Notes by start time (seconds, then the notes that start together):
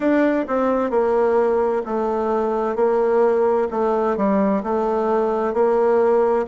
0.00 D4
0.47 C4
0.90 A#3
1.85 A3
2.75 A#3
3.70 A3
4.16 G3
4.63 A3
5.53 A#3